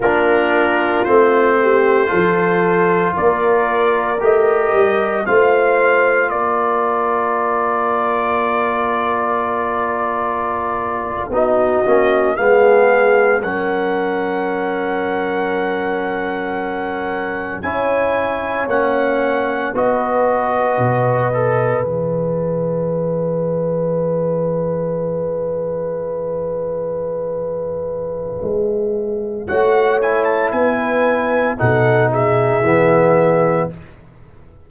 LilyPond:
<<
  \new Staff \with { instrumentName = "trumpet" } { \time 4/4 \tempo 4 = 57 ais'4 c''2 d''4 | dis''4 f''4 d''2~ | d''2~ d''8. dis''4 f''16~ | f''8. fis''2.~ fis''16~ |
fis''8. gis''4 fis''4 dis''4~ dis''16~ | dis''8. e''2.~ e''16~ | e''1 | fis''8 gis''16 a''16 gis''4 fis''8 e''4. | }
  \new Staff \with { instrumentName = "horn" } { \time 4/4 f'4. g'8 a'4 ais'4~ | ais'4 c''4 ais'2~ | ais'2~ ais'8. fis'4 gis'16~ | gis'8. ais'2.~ ais'16~ |
ais'8. cis''2 b'4~ b'16~ | b'1~ | b'1 | cis''4 b'4 a'8 gis'4. | }
  \new Staff \with { instrumentName = "trombone" } { \time 4/4 d'4 c'4 f'2 | g'4 f'2.~ | f'2~ f'8. dis'8 cis'8 b16~ | b8. cis'2.~ cis'16~ |
cis'8. e'4 cis'4 fis'4~ fis'16~ | fis'16 a'8 gis'2.~ gis'16~ | gis'1 | fis'8 e'4. dis'4 b4 | }
  \new Staff \with { instrumentName = "tuba" } { \time 4/4 ais4 a4 f4 ais4 | a8 g8 a4 ais2~ | ais2~ ais8. b8 ais8 gis16~ | gis8. fis2.~ fis16~ |
fis8. cis'4 ais4 b4 b,16~ | b,8. e2.~ e16~ | e2. gis4 | a4 b4 b,4 e4 | }
>>